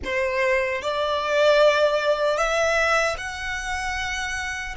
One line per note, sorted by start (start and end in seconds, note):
0.04 0.81 C5
0.81 2.37 D5
2.37 3.16 E5
3.17 4.75 F#5